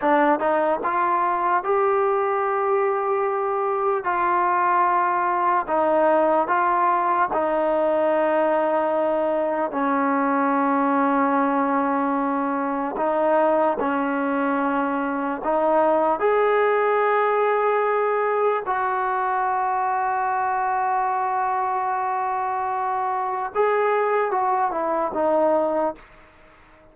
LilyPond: \new Staff \with { instrumentName = "trombone" } { \time 4/4 \tempo 4 = 74 d'8 dis'8 f'4 g'2~ | g'4 f'2 dis'4 | f'4 dis'2. | cis'1 |
dis'4 cis'2 dis'4 | gis'2. fis'4~ | fis'1~ | fis'4 gis'4 fis'8 e'8 dis'4 | }